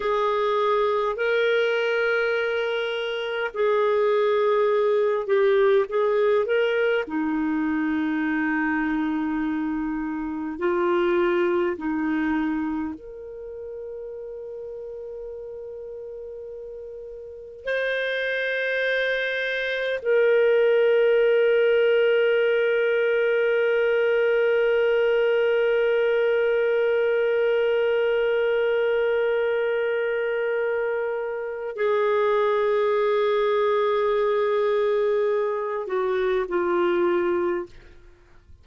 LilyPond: \new Staff \with { instrumentName = "clarinet" } { \time 4/4 \tempo 4 = 51 gis'4 ais'2 gis'4~ | gis'8 g'8 gis'8 ais'8 dis'2~ | dis'4 f'4 dis'4 ais'4~ | ais'2. c''4~ |
c''4 ais'2.~ | ais'1~ | ais'2. gis'4~ | gis'2~ gis'8 fis'8 f'4 | }